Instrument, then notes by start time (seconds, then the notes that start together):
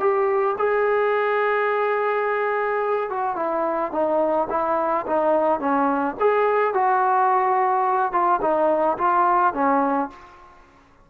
trombone
0.00 G4
0.59 G#4
3.10 F#4
3.36 E4
3.92 D#4
4.50 E4
5.07 D#4
5.60 C#4
6.20 G#4
6.74 F#4
8.13 F4
8.42 D#4
8.98 F4
9.54 C#4